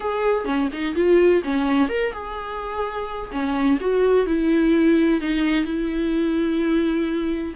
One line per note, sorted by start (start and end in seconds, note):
0.00 0.45 G#4
0.45 0.68 C#4
0.72 0.95 D#4
0.95 1.42 F4
1.43 1.88 C#4
1.88 2.12 A#4
2.12 3.30 G#4
3.31 3.78 C#4
3.80 4.26 F#4
4.26 5.21 E4
5.21 5.65 D#4
5.65 7.54 E4